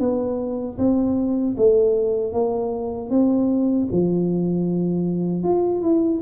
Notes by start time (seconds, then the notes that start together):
0.00 B3
0.78 C4
1.58 A3
2.33 A#3
3.11 C4
3.92 F3
5.44 F4
5.82 E4